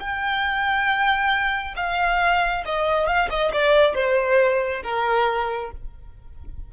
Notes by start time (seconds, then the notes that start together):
0.00 G5
1.77 F5
2.66 D#5
3.07 F5
3.30 D#5
3.53 D5
3.95 C5
4.84 A#4